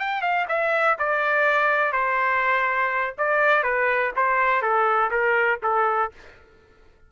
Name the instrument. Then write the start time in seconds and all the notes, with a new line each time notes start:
trumpet
0.00 G5
0.22 F5
0.49 E5
0.99 D5
1.93 C5
3.18 D5
3.64 B4
4.17 C5
4.62 A4
5.11 A#4
5.63 A4